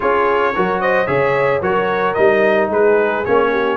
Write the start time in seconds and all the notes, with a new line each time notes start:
0.00 C#4 F4 G#4 C#5
0.55 F#3 F#4 A#4
0.80 C5 D#5
1.06 C#3 G#4 C#5 E5
1.61 F#3 F#4 A#4 C#5
2.14 G3 D#4 D#5
2.68 G#3 G#4 B4
3.25 A#3 C#4 C#5
3.51 G4